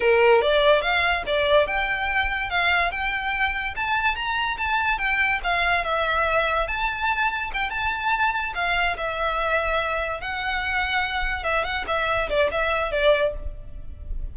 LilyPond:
\new Staff \with { instrumentName = "violin" } { \time 4/4 \tempo 4 = 144 ais'4 d''4 f''4 d''4 | g''2 f''4 g''4~ | g''4 a''4 ais''4 a''4 | g''4 f''4 e''2 |
a''2 g''8 a''4.~ | a''8 f''4 e''2~ e''8~ | e''8 fis''2. e''8 | fis''8 e''4 d''8 e''4 d''4 | }